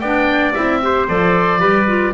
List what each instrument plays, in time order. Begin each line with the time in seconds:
0.00 double bass B3, clarinet D4, trumpet D5, oboe G5
0.54 double bass C4, clarinet E4, oboe E5
0.83 clarinet G4, trumpet C5
1.09 double bass F3, clarinet A4, oboe D5
1.60 double bass G3, clarinet G4, trumpet B4
1.87 clarinet F4